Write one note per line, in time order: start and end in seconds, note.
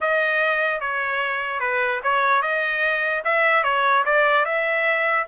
0.00 0.80 D#5
0.80 1.60 C#5
1.60 2.00 B4
2.03 2.42 C#5
2.42 3.23 D#5
3.24 3.63 E5
3.63 4.04 C#5
4.05 4.45 D5
4.45 5.26 E5